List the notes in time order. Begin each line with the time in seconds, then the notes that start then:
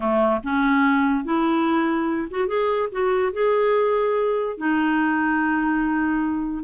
0.00 A3
0.43 C#4
1.24 E4
2.30 F#4
2.47 G#4
2.91 F#4
3.32 G#4
4.57 D#4